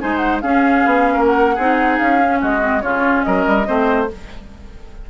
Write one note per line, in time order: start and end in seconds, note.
0.00 0.42 G#3
0.00 0.42 D#4
0.00 0.42 C5
0.00 0.17 G#5
0.17 0.38 F#5
0.41 1.57 C#4
0.41 0.84 C#4
0.41 1.13 G#4
0.41 1.24 F5
0.85 1.16 B3
1.13 1.58 A#3
1.13 1.55 A#4
1.25 1.98 F#5
1.55 1.99 C4
1.55 2.21 D#4
1.55 2.38 G#4
1.98 2.42 C#4
1.98 2.40 F5
2.21 2.60 C#4
2.40 2.84 G#3
2.40 2.82 F#4
2.40 2.81 D#5
2.60 2.81 C4
2.81 3.26 C#3
2.81 3.65 C#4
2.81 3.25 F4
2.81 3.23 C#5
3.23 3.46 F#3
3.23 3.67 A#4
3.23 4.07 D#5
3.46 3.67 G3
3.65 4.10 A3
3.65 4.07 C4
3.65 4.09 C5